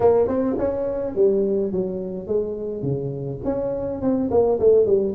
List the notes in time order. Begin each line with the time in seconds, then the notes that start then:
0.00 A#3
0.27 C4
0.58 C#4
1.15 G3
1.72 F#3
2.27 G#3
2.82 C#3
3.44 C#4
4.01 C4
4.30 A#3
4.59 A3
4.86 G3